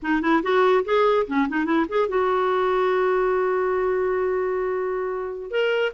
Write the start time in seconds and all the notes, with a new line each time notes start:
0.02 D#4
0.21 E4
0.42 F#4
0.84 G#4
1.27 C#4
1.48 D#4
1.65 E4
1.88 G#4
2.08 F#4
5.50 A#4